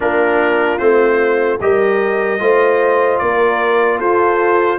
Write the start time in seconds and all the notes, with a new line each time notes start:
0.00 A#3 D4 F4 A#4
0.78 A3 C4 C5
1.60 G3 G4 A#4 D#5
2.39 A3 F4 C5
3.18 A#3 A#4 D5
3.98 F4 A4 C5